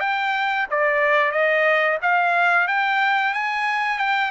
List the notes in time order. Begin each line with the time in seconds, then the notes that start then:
0.00 G5
0.71 D5
1.32 D#5
2.02 F5
2.68 G5
3.34 G#5
3.98 G5